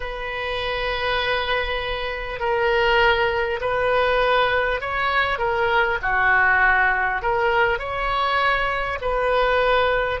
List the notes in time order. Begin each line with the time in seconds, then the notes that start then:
0.00 B4
2.39 A#4
3.61 B4
4.80 C#5
5.38 A#4
6.02 F#4
7.22 A#4
7.78 C#5
9.01 B4